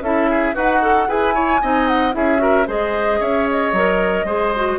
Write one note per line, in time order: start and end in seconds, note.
0.00 0.53 C#4
0.00 0.55 E4
0.00 0.30 A4
0.00 0.55 E5
0.30 0.55 G#4
0.55 1.08 D#4
0.55 1.08 F#4
0.55 0.81 B4
0.55 1.09 F#5
0.82 1.08 A4
1.08 1.61 E4
1.08 1.33 G#4
1.08 1.34 B4
1.08 1.87 G#5
1.33 1.60 E4
1.33 1.61 C#5
1.62 2.15 C4
1.62 2.12 D#4
1.62 2.15 D#5
1.87 2.14 F#5
2.12 2.67 C#4
2.12 2.38 E4
2.12 2.42 G#4
2.12 2.68 E5
2.38 2.64 F#4
2.38 2.67 A#4
2.67 3.20 G#3
2.67 3.73 G#4
2.67 3.20 C5
2.67 3.22 D#5
3.20 3.72 C#4
3.20 4.26 C#5
3.20 3.48 E5
3.51 4.79 D#5
3.72 4.24 F#3
3.72 4.27 A#4
4.24 4.77 G#3
4.24 4.53 G#4
4.24 4.79 C5
4.56 4.79 F#4